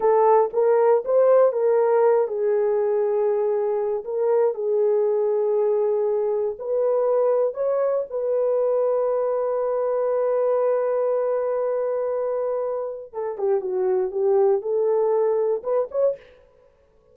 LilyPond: \new Staff \with { instrumentName = "horn" } { \time 4/4 \tempo 4 = 119 a'4 ais'4 c''4 ais'4~ | ais'8 gis'2.~ gis'8 | ais'4 gis'2.~ | gis'4 b'2 cis''4 |
b'1~ | b'1~ | b'2 a'8 g'8 fis'4 | g'4 a'2 b'8 cis''8 | }